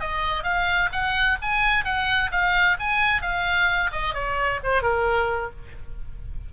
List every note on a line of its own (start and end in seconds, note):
0.00 0.43 D#5
0.43 0.89 F5
0.92 1.38 F#5
1.41 1.84 G#5
1.84 2.30 F#5
2.31 2.77 F5
2.79 3.22 G#5
3.22 3.91 F5
3.92 4.14 D#5
4.14 4.60 C#5
4.63 4.82 C5
4.82 5.51 A#4